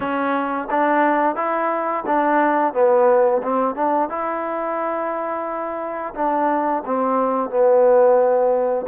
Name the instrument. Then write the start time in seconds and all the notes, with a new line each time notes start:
trombone
0.00 C#4
0.70 D4
1.35 E4
2.06 D4
2.73 B3
3.42 C4
3.75 D4
4.09 E4
6.15 D4
6.85 C4
7.49 B3